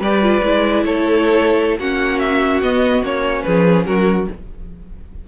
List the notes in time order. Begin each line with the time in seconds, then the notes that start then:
0.00 G3 G4 B4 D5
0.23 F4
0.43 G#3 E4
0.85 A3 A4 C#5
1.79 A#3 C#4 F#4 F#5
2.19 E5
2.62 B3 D#5
3.02 A#3 C#4 C#5
3.43 F3 G#4 B4
3.86 F#3 F#4 A#4